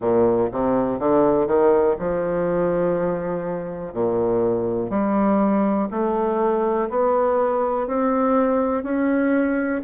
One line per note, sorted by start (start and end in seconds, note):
0.00 0.49 A#2
0.51 0.99 C3
0.99 1.46 D3
1.46 1.95 D#3
1.99 3.93 F3
3.93 4.90 A#2
4.90 5.88 G3
5.90 6.89 A3
6.89 7.87 B3
7.87 8.83 C4
8.83 9.81 C#4